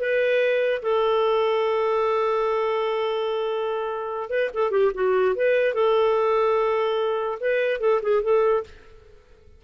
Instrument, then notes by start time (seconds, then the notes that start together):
clarinet
0.00 B4
0.82 A4
4.30 B4
4.54 A4
4.71 G4
4.94 F#4
5.36 B4
5.74 A4
7.40 B4
7.80 A4
8.02 G#4
8.23 A4